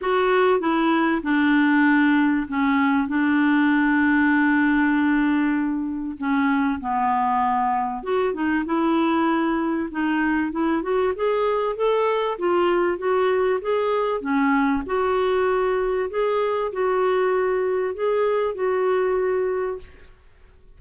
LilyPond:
\new Staff \with { instrumentName = "clarinet" } { \time 4/4 \tempo 4 = 97 fis'4 e'4 d'2 | cis'4 d'2.~ | d'2 cis'4 b4~ | b4 fis'8 dis'8 e'2 |
dis'4 e'8 fis'8 gis'4 a'4 | f'4 fis'4 gis'4 cis'4 | fis'2 gis'4 fis'4~ | fis'4 gis'4 fis'2 | }